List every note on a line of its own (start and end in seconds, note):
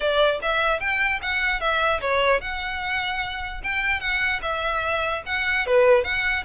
0.00 0.40 D5
0.42 0.79 E5
0.79 1.20 G5
1.22 1.60 F#5
1.60 2.00 E5
2.00 2.41 C#5
2.41 3.61 F#5
3.63 4.00 G5
4.00 4.40 F#5
4.42 5.22 E5
5.26 5.66 F#5
5.66 6.03 B4
6.03 6.44 F#5